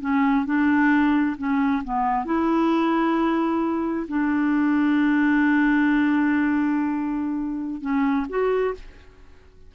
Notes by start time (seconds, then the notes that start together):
0.00 C#4
0.45 D4
1.37 C#4
1.84 B3
2.25 E4
4.08 D4
7.81 C#4
8.29 F#4